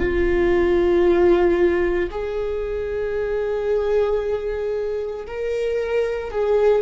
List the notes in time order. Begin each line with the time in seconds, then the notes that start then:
0.00 F4
2.11 G#4
5.27 A#4
6.32 G#4